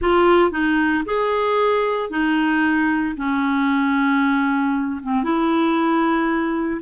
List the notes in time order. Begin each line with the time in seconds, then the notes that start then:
0.01 F4
0.51 D#4
1.05 G#4
2.10 D#4
3.17 C#4
5.02 C4
5.23 E4